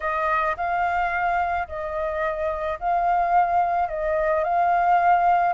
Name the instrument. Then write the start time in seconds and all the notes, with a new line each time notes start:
flute
0.00 D#5
0.56 F5
1.68 D#5
2.79 F5
3.88 D#5
4.43 F5